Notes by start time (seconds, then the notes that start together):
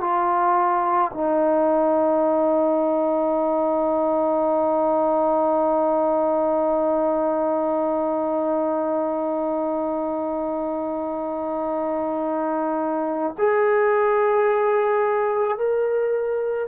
0.00 F4
1.13 D#4
13.38 G#4
15.58 A#4